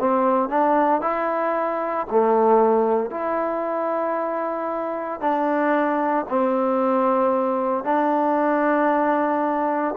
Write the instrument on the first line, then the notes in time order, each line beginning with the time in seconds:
trombone
0.00 C4
0.50 D4
1.01 E4
2.11 A3
3.11 E4
5.21 D4
6.29 C4
7.85 D4